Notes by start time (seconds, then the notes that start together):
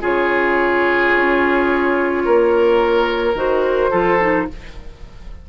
0.00 C#3 F4 G#4 C#5
1.15 C#4
2.25 A#3 A#4
3.34 D#3 F#4 C5
3.90 F3 F4 A4
4.19 D#4